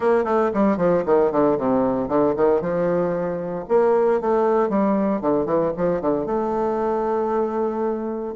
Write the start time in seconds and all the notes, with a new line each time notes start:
0.00 A#3
0.24 A3
0.53 G3
0.77 F3
1.05 D#3
1.31 D3
1.58 C3
2.08 D3
2.36 D#3
2.61 F3
3.68 A#3
4.20 A3
4.69 G3
5.21 D3
5.45 E3
5.77 F3
6.01 D3
6.26 A3